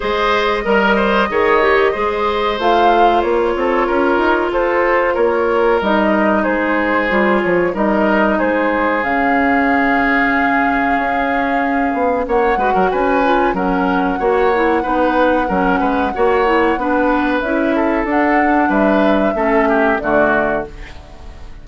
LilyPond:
<<
  \new Staff \with { instrumentName = "flute" } { \time 4/4 \tempo 4 = 93 dis''1 | f''4 cis''2 c''4 | cis''4 dis''4 c''4. cis''8 | dis''4 c''4 f''2~ |
f''2. fis''4 | gis''4 fis''2.~ | fis''2. e''4 | fis''4 e''2 d''4 | }
  \new Staff \with { instrumentName = "oboe" } { \time 4/4 c''4 ais'8 c''8 cis''4 c''4~ | c''4. a'8 ais'4 a'4 | ais'2 gis'2 | ais'4 gis'2.~ |
gis'2. cis''8 b'16 ais'16 | b'4 ais'4 cis''4 b'4 | ais'8 b'8 cis''4 b'4. a'8~ | a'4 b'4 a'8 g'8 fis'4 | }
  \new Staff \with { instrumentName = "clarinet" } { \time 4/4 gis'4 ais'4 gis'8 g'8 gis'4 | f'1~ | f'4 dis'2 f'4 | dis'2 cis'2~ |
cis'2.~ cis'8 fis'8~ | fis'8 f'8 cis'4 fis'8 e'8 dis'4 | cis'4 fis'8 e'8 d'4 e'4 | d'2 cis'4 a4 | }
  \new Staff \with { instrumentName = "bassoon" } { \time 4/4 gis4 g4 dis4 gis4 | a4 ais8 c'8 cis'8 dis'8 f'4 | ais4 g4 gis4 g8 f8 | g4 gis4 cis2~ |
cis4 cis'4. b8 ais8 gis16 fis16 | cis'4 fis4 ais4 b4 | fis8 gis8 ais4 b4 cis'4 | d'4 g4 a4 d4 | }
>>